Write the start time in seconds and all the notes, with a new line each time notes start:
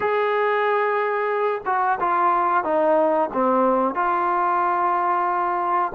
0.00 G#4
1.65 F#4
2.00 F4
2.63 D#4
3.33 C4
3.94 F4